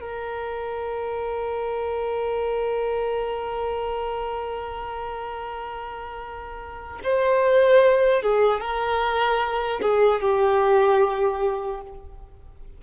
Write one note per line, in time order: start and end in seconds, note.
0.00 7.00 A#4
7.04 8.22 C5
8.22 8.61 G#4
8.61 9.81 A#4
9.81 10.21 G#4
10.21 11.81 G4